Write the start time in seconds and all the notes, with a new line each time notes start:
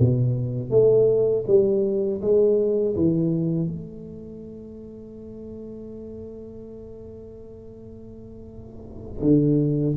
0.00 B2
0.71 A3
1.47 G3
2.22 G#3
2.96 E3
3.68 A3
9.22 D3